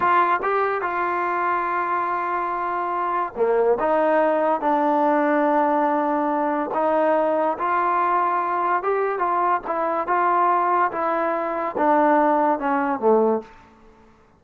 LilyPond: \new Staff \with { instrumentName = "trombone" } { \time 4/4 \tempo 4 = 143 f'4 g'4 f'2~ | f'1 | ais4 dis'2 d'4~ | d'1 |
dis'2 f'2~ | f'4 g'4 f'4 e'4 | f'2 e'2 | d'2 cis'4 a4 | }